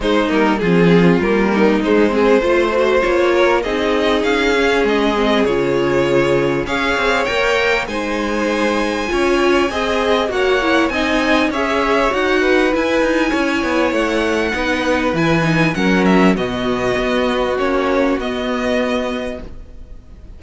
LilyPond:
<<
  \new Staff \with { instrumentName = "violin" } { \time 4/4 \tempo 4 = 99 c''8 ais'8 gis'4 ais'4 c''4~ | c''4 cis''4 dis''4 f''4 | dis''4 cis''2 f''4 | g''4 gis''2.~ |
gis''4 fis''4 gis''4 e''4 | fis''4 gis''2 fis''4~ | fis''4 gis''4 fis''8 e''8 dis''4~ | dis''4 cis''4 dis''2 | }
  \new Staff \with { instrumentName = "violin" } { \time 4/4 dis'4 f'4. dis'4 gis'8 | c''4. ais'8 gis'2~ | gis'2. cis''4~ | cis''4 c''2 cis''4 |
dis''4 cis''4 dis''4 cis''4~ | cis''8 b'4. cis''2 | b'2 ais'4 fis'4~ | fis'1 | }
  \new Staff \with { instrumentName = "viola" } { \time 4/4 gis8 ais8 c'4 ais4 gis8 c'8 | f'8 fis'8 f'4 dis'4. cis'8~ | cis'8 c'8 f'2 gis'4 | ais'4 dis'2 f'4 |
gis'4 fis'8 e'8 dis'4 gis'4 | fis'4 e'2. | dis'4 e'8 dis'8 cis'4 b4~ | b4 cis'4 b2 | }
  \new Staff \with { instrumentName = "cello" } { \time 4/4 gis8 g8 f4 g4 gis4 | a4 ais4 c'4 cis'4 | gis4 cis2 cis'8 c'8 | ais4 gis2 cis'4 |
c'4 ais4 c'4 cis'4 | dis'4 e'8 dis'8 cis'8 b8 a4 | b4 e4 fis4 b,4 | b4 ais4 b2 | }
>>